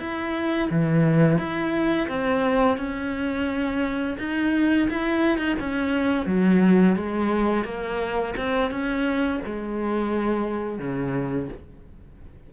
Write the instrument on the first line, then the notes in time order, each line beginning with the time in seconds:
cello
0.00 E4
0.71 E3
1.39 E4
2.09 C4
2.77 C#4
4.19 D#4
4.91 E4
5.38 D#4
5.60 C#4
6.27 F#3
6.96 G#3
7.65 A#3
8.38 C4
8.71 C#4
9.46 G#3
10.79 C#3